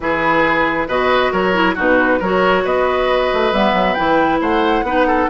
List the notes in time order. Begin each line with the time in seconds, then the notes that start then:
0.00 E3 E4 G#4 B4
0.87 B2 F#4 B4 D#5
1.32 F#3 A#4 C#5
1.53 E4
1.74 B2 D#4 F#4 B4
2.19 F#3 F#4 A#4 C#5
2.64 B3 B4 D#5
3.33 A3
3.52 G3 B3 E5
3.73 F#3
3.94 E3 E4 G5
4.40 A3 C5 F#5
4.82 B3 D#4 B4
5.07 A4